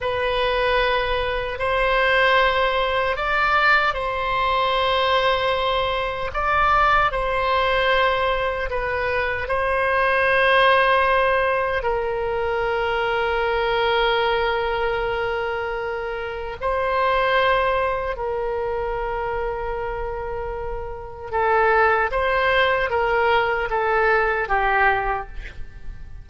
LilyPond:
\new Staff \with { instrumentName = "oboe" } { \time 4/4 \tempo 4 = 76 b'2 c''2 | d''4 c''2. | d''4 c''2 b'4 | c''2. ais'4~ |
ais'1~ | ais'4 c''2 ais'4~ | ais'2. a'4 | c''4 ais'4 a'4 g'4 | }